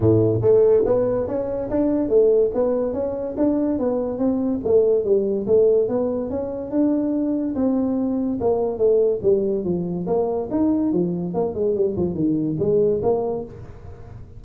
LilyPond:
\new Staff \with { instrumentName = "tuba" } { \time 4/4 \tempo 4 = 143 a,4 a4 b4 cis'4 | d'4 a4 b4 cis'4 | d'4 b4 c'4 a4 | g4 a4 b4 cis'4 |
d'2 c'2 | ais4 a4 g4 f4 | ais4 dis'4 f4 ais8 gis8 | g8 f8 dis4 gis4 ais4 | }